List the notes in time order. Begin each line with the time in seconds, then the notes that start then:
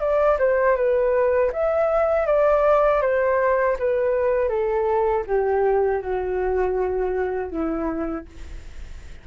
0.00 D5
0.39 C5
0.76 B4
1.52 E5
2.26 D5
3.02 C5
3.79 B4
4.49 A4
5.27 G4
6.01 F#4
7.51 E4